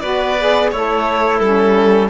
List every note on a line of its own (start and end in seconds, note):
0.00 0.72 B3
0.00 0.36 F#4
0.00 0.70 B4
0.00 0.69 D5
0.40 0.74 G#4
0.71 1.40 A3
0.71 2.10 E4
0.71 1.42 A4
0.71 1.39 C#5
1.39 2.09 G3
1.39 2.10 C#4
1.39 2.08 A4